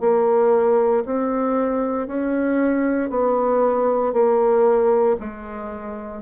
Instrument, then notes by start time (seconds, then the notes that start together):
bassoon
0.00 A#3
1.05 C4
2.07 C#4
3.09 B3
4.13 A#3
5.20 G#3